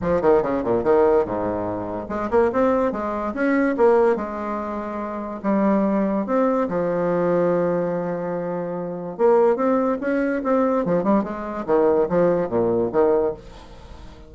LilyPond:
\new Staff \with { instrumentName = "bassoon" } { \time 4/4 \tempo 4 = 144 f8 dis8 cis8 ais,8 dis4 gis,4~ | gis,4 gis8 ais8 c'4 gis4 | cis'4 ais4 gis2~ | gis4 g2 c'4 |
f1~ | f2 ais4 c'4 | cis'4 c'4 f8 g8 gis4 | dis4 f4 ais,4 dis4 | }